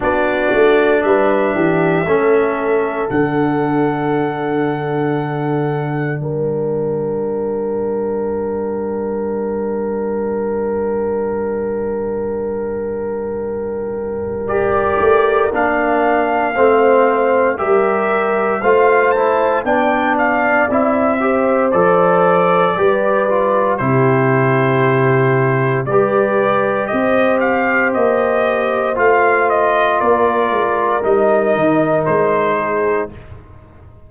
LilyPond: <<
  \new Staff \with { instrumentName = "trumpet" } { \time 4/4 \tempo 4 = 58 d''4 e''2 fis''4~ | fis''2 g''2~ | g''1~ | g''2 d''4 f''4~ |
f''4 e''4 f''8 a''8 g''8 f''8 | e''4 d''2 c''4~ | c''4 d''4 dis''8 f''8 dis''4 | f''8 dis''8 d''4 dis''4 c''4 | }
  \new Staff \with { instrumentName = "horn" } { \time 4/4 fis'4 b'8 g'8 a'2~ | a'2 ais'2~ | ais'1~ | ais'1 |
c''4 ais'4 c''4 d''4~ | d''8 c''4. b'4 g'4~ | g'4 b'4 c''2~ | c''4 ais'2~ ais'8 gis'8 | }
  \new Staff \with { instrumentName = "trombone" } { \time 4/4 d'2 cis'4 d'4~ | d'1~ | d'1~ | d'2 g'4 d'4 |
c'4 g'4 f'8 e'8 d'4 | e'8 g'8 a'4 g'8 f'8 e'4~ | e'4 g'2. | f'2 dis'2 | }
  \new Staff \with { instrumentName = "tuba" } { \time 4/4 b8 a8 g8 e8 a4 d4~ | d2 g2~ | g1~ | g2~ g8 a8 ais4 |
a4 g4 a4 b4 | c'4 f4 g4 c4~ | c4 g4 c'4 ais4 | a4 ais8 gis8 g8 dis8 gis4 | }
>>